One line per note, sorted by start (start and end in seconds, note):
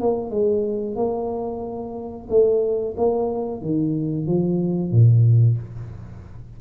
0.00 0.30 A#3
0.30 0.95 G#3
0.95 2.27 A#3
2.29 2.95 A3
2.97 3.61 A#3
3.61 4.26 D#3
4.26 4.91 F3
4.91 5.57 A#2